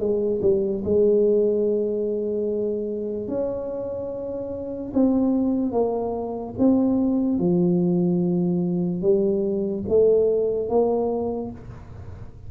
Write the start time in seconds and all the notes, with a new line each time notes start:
0.00 G#3
0.42 G3
0.85 G#3
3.29 C#4
4.94 C4
5.73 A#3
6.59 C4
7.39 F3
9.02 G3
9.89 A3
10.70 A#3